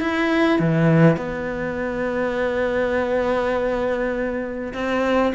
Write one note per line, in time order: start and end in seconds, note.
0.00 0.59 E4
0.59 1.17 E3
1.17 4.73 B3
4.73 5.33 C4